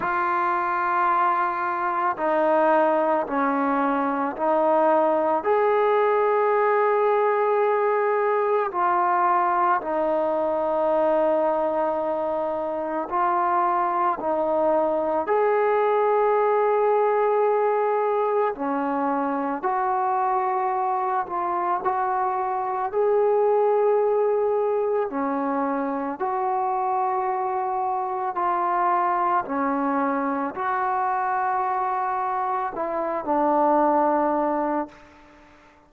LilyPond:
\new Staff \with { instrumentName = "trombone" } { \time 4/4 \tempo 4 = 55 f'2 dis'4 cis'4 | dis'4 gis'2. | f'4 dis'2. | f'4 dis'4 gis'2~ |
gis'4 cis'4 fis'4. f'8 | fis'4 gis'2 cis'4 | fis'2 f'4 cis'4 | fis'2 e'8 d'4. | }